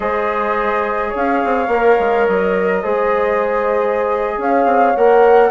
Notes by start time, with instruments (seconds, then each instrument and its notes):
0.00 bassoon G#3, trombone G#4, horn C5, flute D#5
1.09 horn C#5
1.15 bassoon C#4, flute F5
1.44 bassoon C4
1.67 bassoon A#3, trombone A#4
1.99 bassoon G#3
2.27 bassoon F#3, flute D#5
2.82 bassoon G#3, trombone G#4, horn C5
4.37 bassoon C#4, horn C#5, flute F5
4.65 bassoon C4
4.96 bassoon A#3, trombone A#4, flute F#5